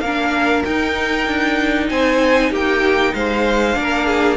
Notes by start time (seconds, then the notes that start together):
0.00 A#3 D4 A#4 F5
0.64 D#4 G5
1.27 D4
1.89 C4 C5 G#5
2.50 A#3 G4 G5
3.13 G#3 C5 F5
3.74 A#3 D4 A#4
4.07 G#4